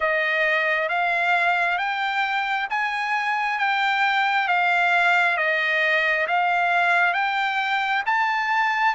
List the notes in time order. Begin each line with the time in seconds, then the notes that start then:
0.00 D#5
0.88 F5
1.78 G5
2.69 G#5
3.58 G5
4.48 F5
5.37 D#5
6.27 F5
7.13 G5
8.06 A5